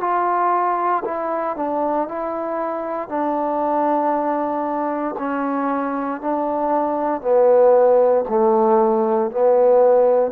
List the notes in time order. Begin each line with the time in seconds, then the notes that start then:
0.00 F4
1.04 E4
1.57 D4
2.08 E4
3.08 D4
5.19 C#4
6.21 D4
7.21 B3
8.29 A3
9.31 B3